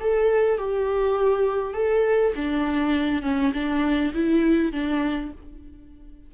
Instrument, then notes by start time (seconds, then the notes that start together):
viola
0.00 A4
0.58 G4
1.73 A4
2.35 D4
3.22 C#4
3.53 D4
4.14 E4
4.72 D4